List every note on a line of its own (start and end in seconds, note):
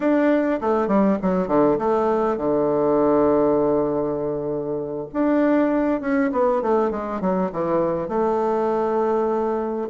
0.00 0.60 D4
0.61 0.87 A3
0.87 1.17 G3
1.22 1.47 F#3
1.47 1.77 D3
1.78 2.37 A3
2.37 5.07 D3
5.13 6.00 D4
6.00 6.30 C#4
6.32 6.62 B3
6.62 6.90 A3
6.90 7.20 G#3
7.21 7.51 F#3
7.52 8.08 E3
8.08 9.88 A3